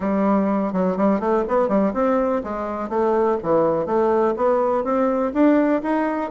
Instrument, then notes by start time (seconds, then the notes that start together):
bassoon
0.00 G3
0.73 F#3
0.96 G3
1.19 A3
1.48 B3
1.68 G3
1.93 C4
2.43 G#3
2.89 A3
3.42 E3
3.86 A3
4.36 B3
4.83 C4
5.33 D4
5.82 D#4